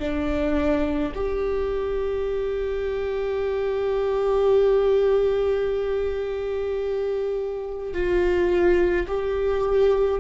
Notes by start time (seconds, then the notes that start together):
0.00 D4
1.15 G4
7.93 F4
9.08 G4